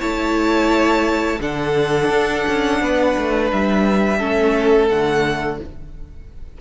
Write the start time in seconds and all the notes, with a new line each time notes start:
0.00 A3 E4 C#5 A5
1.40 D3 D4 A4 F#5
2.10 D4
2.48 C#4
2.81 B3 B4
3.18 A3
3.52 G3 E5
4.18 A3 C#4 A4
4.89 D3 A3 F#5